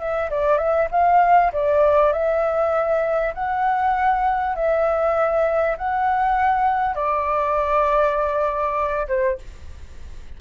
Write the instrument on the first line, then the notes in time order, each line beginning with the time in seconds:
flute
0.00 E5
0.31 D5
0.58 E5
0.91 F5
1.53 D5
2.13 E5
3.35 F#5
4.56 E5
5.78 F#5
6.95 D5
9.08 C5